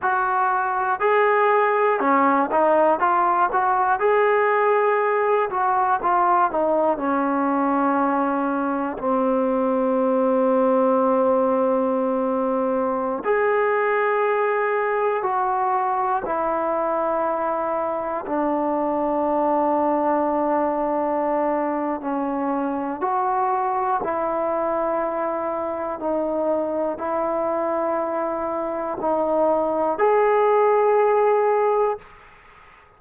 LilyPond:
\new Staff \with { instrumentName = "trombone" } { \time 4/4 \tempo 4 = 60 fis'4 gis'4 cis'8 dis'8 f'8 fis'8 | gis'4. fis'8 f'8 dis'8 cis'4~ | cis'4 c'2.~ | c'4~ c'16 gis'2 fis'8.~ |
fis'16 e'2 d'4.~ d'16~ | d'2 cis'4 fis'4 | e'2 dis'4 e'4~ | e'4 dis'4 gis'2 | }